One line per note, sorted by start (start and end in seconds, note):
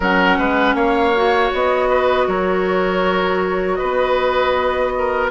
0.00 0.38 F#3
0.00 1.15 C#4
0.00 0.37 A#4
0.00 0.75 F#5
0.38 0.74 G#3
0.38 0.75 B4
0.74 1.50 A#3
0.74 1.89 C#5
0.74 1.51 F5
1.15 5.31 F#4
1.53 2.27 B3
1.53 2.28 D#5
1.89 2.27 B4
2.27 3.79 F#3
2.27 3.78 A#4
2.27 3.75 C#5
3.75 4.92 B4
3.75 5.27 D#5
3.81 5.31 B3
4.98 5.31 A#4